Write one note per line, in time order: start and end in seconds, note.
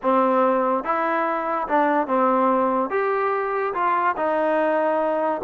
0.02 0.84 C4
0.84 1.67 E4
1.67 2.07 D4
2.07 2.90 C4
2.90 3.73 G4
3.73 4.15 F4
4.16 5.41 D#4